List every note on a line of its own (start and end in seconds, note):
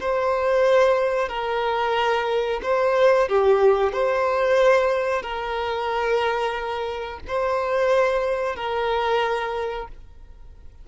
0.00 1.29 C5
1.29 2.60 A#4
2.63 3.28 C5
3.28 3.93 G4
3.93 5.22 C5
5.22 7.20 A#4
7.27 8.56 C5
8.56 9.88 A#4